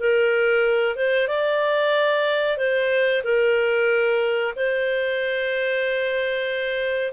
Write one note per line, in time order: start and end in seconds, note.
0.00 0.96 A#4
0.96 1.28 C5
1.28 2.57 D5
2.57 3.23 C5
3.24 4.54 A#4
4.56 7.13 C5